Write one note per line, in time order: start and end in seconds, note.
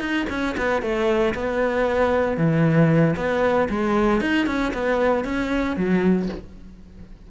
0.00 0.26 D#4
0.30 0.56 C#4
0.58 0.82 B3
0.82 1.34 A3
1.34 2.37 B3
2.37 3.15 E3
3.17 3.69 B3
3.69 4.21 G#3
4.21 4.46 D#4
4.46 4.72 C#4
4.74 5.25 B3
5.25 5.77 C#4
5.77 6.29 F#3